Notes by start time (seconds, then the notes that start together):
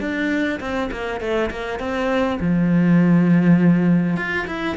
0.00 D4
0.60 C4
0.91 A#3
1.20 A3
1.50 A#3
1.79 C4
2.40 F3
4.16 F4
4.47 E4